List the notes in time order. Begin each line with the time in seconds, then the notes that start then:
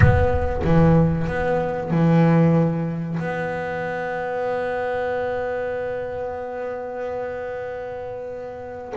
0.00 B3
0.64 E3
1.27 B3
1.90 E3
3.19 B3